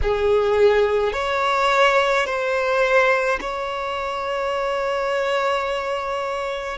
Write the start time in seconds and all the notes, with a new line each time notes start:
0.02 G#4
1.13 C#5
2.26 C5
3.40 C#5